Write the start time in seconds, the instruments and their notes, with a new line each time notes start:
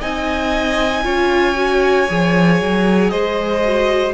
0.00 cello C4, viola D#4, violin D#5 G#5
1.03 cello C#4, viola F4, violin C#5
1.55 viola F#4
2.08 cello F3, viola G#4
2.61 cello F#3
3.10 cello G#3, violin C5 D#5
3.64 viola F#4